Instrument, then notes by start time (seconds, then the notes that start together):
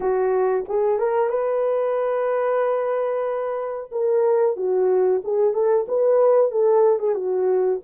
horn
0.00 F#4
0.68 G#4
0.98 A#4
1.29 B4
3.91 A#4
4.56 F#4
5.24 G#4
5.53 A4
5.88 B4
6.51 A4
6.99 G#4
7.14 F#4